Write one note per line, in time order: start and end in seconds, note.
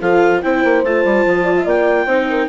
0.00 0.42 F3
0.00 0.42 F4
0.00 0.41 A4
0.00 0.41 F5
0.41 0.64 C4
0.41 0.83 E4
0.41 1.43 C5
0.41 0.83 G5
0.64 0.83 A#3
0.83 1.04 A3
0.83 2.07 F4
0.83 1.66 A5
1.04 1.25 G3
1.26 1.65 F3
1.43 1.53 D5
1.56 1.65 E5
1.65 2.06 A#3
1.65 2.06 D5
1.65 2.48 G5
2.06 2.47 C4
2.06 2.48 D#4
2.06 2.26 C5
2.29 2.48 A#4